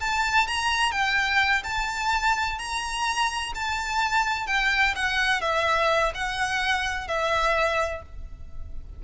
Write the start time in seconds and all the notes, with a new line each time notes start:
0.00 A5
0.47 A#5
0.92 G5
1.64 A5
2.58 A#5
3.55 A5
4.47 G5
4.96 F#5
5.41 E5
6.14 F#5
7.08 E5